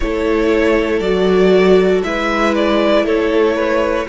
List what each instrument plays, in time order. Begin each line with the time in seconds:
0.00 cello A3, viola E4, violin A4 C#5
0.99 cello F#3, viola F#4, violin D5
2.03 cello G#3, viola E4, violin B4 E5
2.54 violin D5
3.04 cello A3, violin A4 C#5
3.55 violin B4